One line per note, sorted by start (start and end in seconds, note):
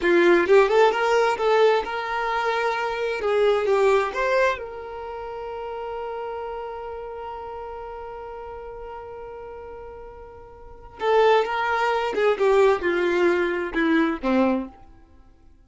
0.01 0.47 F4
0.47 0.68 G4
0.68 0.91 A4
0.91 1.37 A#4
1.37 1.83 A4
1.84 3.21 A#4
3.21 3.66 G#4
3.66 4.12 G4
4.13 4.58 C5
4.58 10.99 A#4
10.99 11.44 A4
11.44 12.13 A#4
12.14 12.37 G#4
12.38 12.81 G4
12.81 13.73 F4
13.73 14.19 E4
14.22 14.68 C4